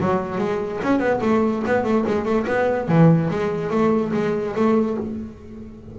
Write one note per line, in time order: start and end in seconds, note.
0.00 0.38 F#3
0.38 0.80 G#3
0.83 0.99 C#4
0.99 1.20 B3
1.21 1.62 A3
1.66 1.84 B3
1.84 2.05 A3
2.06 2.25 G#3
2.25 2.46 A3
2.47 2.88 B3
2.88 3.30 E3
3.30 3.70 G#3
3.70 4.12 A3
4.13 4.55 G#3
4.55 4.97 A3